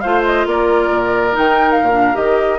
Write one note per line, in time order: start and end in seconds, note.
0.00 0.45 A3
0.00 1.32 F4
0.00 0.47 C5
0.00 0.22 F5
0.25 0.47 D#5
0.45 0.90 A#3
0.45 2.59 A#4
0.45 1.37 D5
0.90 1.35 A#2
1.32 1.81 D#3
1.32 1.88 D#4
1.32 1.71 G5
1.71 2.15 F5
1.81 2.15 A#2
1.92 2.13 D4
2.13 2.59 D#3
2.13 2.58 G4
2.13 2.59 D#5